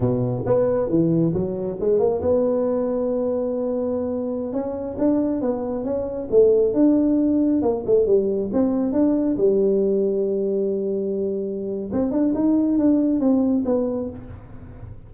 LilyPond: \new Staff \with { instrumentName = "tuba" } { \time 4/4 \tempo 4 = 136 b,4 b4 e4 fis4 | gis8 ais8 b2.~ | b2~ b16 cis'4 d'8.~ | d'16 b4 cis'4 a4 d'8.~ |
d'4~ d'16 ais8 a8 g4 c'8.~ | c'16 d'4 g2~ g8.~ | g2. c'8 d'8 | dis'4 d'4 c'4 b4 | }